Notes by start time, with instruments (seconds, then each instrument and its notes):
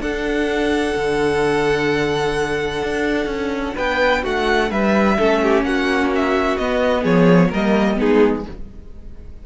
0.00 cello D4, viola D4, violin A4 F#5
0.96 cello D3
2.83 cello D4
3.26 cello C#4
3.75 cello B3, violin B4 G5
4.22 cello A3, violin F#4 F#5
4.71 cello G3, violin B4 E5
5.18 cello A3, viola C#4, violin A4
5.43 violin G4
5.62 cello A#3, violin F#4 F#5
6.15 violin E5
6.57 cello B3, viola B3, violin D#5
7.02 cello F3, violin G#4 C#5
7.50 cello G3, viola A#3, violin A#4 D#5
7.96 cello G#3, viola B3, violin D#4 G#4